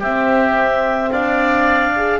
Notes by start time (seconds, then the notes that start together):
0.00 C4 G4 E5
1.12 D4 D5 F5
1.97 G#4